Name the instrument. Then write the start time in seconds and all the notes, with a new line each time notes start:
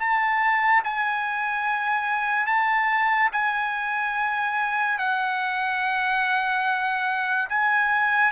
trumpet
0.00 A5
0.84 G#5
2.47 A5
3.33 G#5
4.99 F#5
7.50 G#5